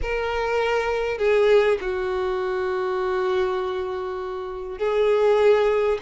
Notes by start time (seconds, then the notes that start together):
0.02 A#4
1.18 G#4
1.81 F#4
4.78 G#4